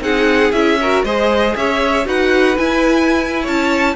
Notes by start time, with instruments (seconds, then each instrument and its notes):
0.00 cello C4, viola D#4, violin G#4 F#5
0.52 cello C#4, viola E4, violin E5
0.81 viola F#4, violin A#4
1.03 cello G#3, viola G#4, violin C5 D#5
1.55 cello C#4, violin C#5 E5
2.05 cello D#4, viola F#4, violin B4 F#5
2.56 viola E4, cello E4, violin G#5
3.42 cello C#4, violin C#5 A5